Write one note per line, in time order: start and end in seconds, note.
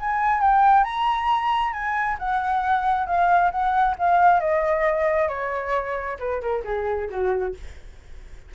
0.00 0.41 G#5
0.41 0.84 G5
0.84 1.73 A#5
1.73 2.18 G#5
2.19 3.07 F#5
3.07 3.52 F5
3.52 3.96 F#5
3.99 4.41 F5
4.41 5.29 D#5
5.29 6.18 C#5
6.20 6.42 B4
6.42 6.64 A#4
6.65 7.09 G#4
7.10 7.55 F#4